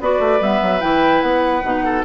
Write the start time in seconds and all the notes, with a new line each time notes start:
0.00 B3 F#4 B4 D5
0.19 A3
0.40 G3 B3 E5
0.62 F#3
0.80 E3 E4 G5
1.21 B3 F#5
1.63 B2 D#4
1.85 A4